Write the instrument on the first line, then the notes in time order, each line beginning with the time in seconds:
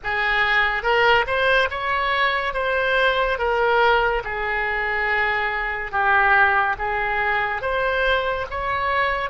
oboe
0.03 G#4
0.82 A#4
1.26 C5
1.70 C#5
2.54 C5
3.38 A#4
4.23 G#4
5.91 G4
6.78 G#4
7.61 C5
8.50 C#5